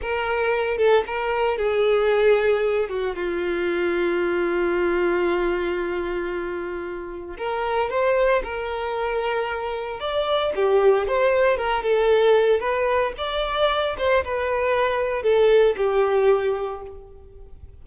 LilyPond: \new Staff \with { instrumentName = "violin" } { \time 4/4 \tempo 4 = 114 ais'4. a'8 ais'4 gis'4~ | gis'4. fis'8 f'2~ | f'1~ | f'2 ais'4 c''4 |
ais'2. d''4 | g'4 c''4 ais'8 a'4. | b'4 d''4. c''8 b'4~ | b'4 a'4 g'2 | }